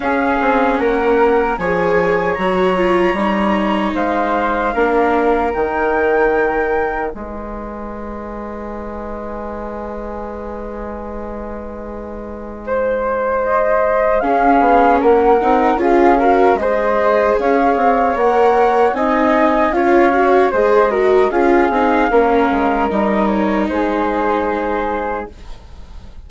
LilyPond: <<
  \new Staff \with { instrumentName = "flute" } { \time 4/4 \tempo 4 = 76 f''4 fis''4 gis''4 ais''4~ | ais''4 f''2 g''4~ | g''4 gis''2.~ | gis''1~ |
gis''4 dis''4 f''4 fis''4 | f''4 dis''4 f''4 fis''4 | gis''4 f''4 dis''4 f''4~ | f''4 dis''8 cis''8 c''2 | }
  \new Staff \with { instrumentName = "flute" } { \time 4/4 gis'4 ais'4 cis''2~ | cis''4 c''4 ais'2~ | ais'4 b'2.~ | b'1 |
c''2 gis'4 ais'4 | gis'8 ais'8 c''4 cis''2 | dis''4 cis''4 c''8 ais'8 gis'4 | ais'2 gis'2 | }
  \new Staff \with { instrumentName = "viola" } { \time 4/4 cis'2 gis'4 fis'8 f'8 | dis'2 d'4 dis'4~ | dis'1~ | dis'1~ |
dis'2 cis'4. dis'8 | f'8 fis'8 gis'2 ais'4 | dis'4 f'8 fis'8 gis'8 fis'8 f'8 dis'8 | cis'4 dis'2. | }
  \new Staff \with { instrumentName = "bassoon" } { \time 4/4 cis'8 c'8 ais4 f4 fis4 | g4 gis4 ais4 dis4~ | dis4 gis2.~ | gis1~ |
gis2 cis'8 b8 ais8 c'8 | cis'4 gis4 cis'8 c'8 ais4 | c'4 cis'4 gis4 cis'8 c'8 | ais8 gis8 g4 gis2 | }
>>